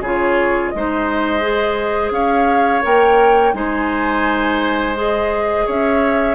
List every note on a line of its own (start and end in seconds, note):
0.00 0.71 C#3
0.00 0.75 F4
0.00 0.72 G#4
0.00 0.69 C#5
0.69 2.11 G#3
0.69 1.41 D#4
0.69 2.10 D#5
0.77 2.13 C5
1.41 2.82 G#4
2.11 2.81 C#4
2.11 3.54 C#5
2.11 2.83 F5
2.82 3.54 A#3
2.82 3.53 A#4
2.82 3.54 G5
3.53 5.65 G#3
3.53 4.95 D#4
3.53 5.66 C5
3.53 4.96 G#5
4.95 6.35 G#4
4.95 5.68 D#5
5.66 6.35 C#4
5.66 6.35 C#5
5.66 6.35 E5